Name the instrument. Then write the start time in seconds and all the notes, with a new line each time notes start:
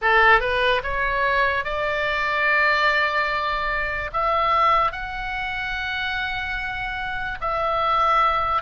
oboe
0.01 A4
0.40 B4
0.83 C#5
1.64 D5
4.12 E5
4.91 F#5
7.40 E5